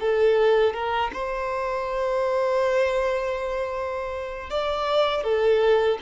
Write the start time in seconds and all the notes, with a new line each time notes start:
0.00 A4
0.73 A#4
1.13 C5
4.50 D5
5.23 A4